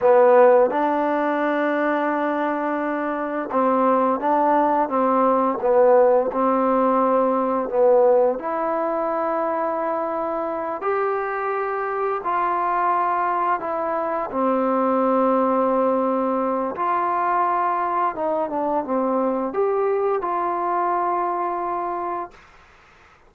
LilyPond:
\new Staff \with { instrumentName = "trombone" } { \time 4/4 \tempo 4 = 86 b4 d'2.~ | d'4 c'4 d'4 c'4 | b4 c'2 b4 | e'2.~ e'8 g'8~ |
g'4. f'2 e'8~ | e'8 c'2.~ c'8 | f'2 dis'8 d'8 c'4 | g'4 f'2. | }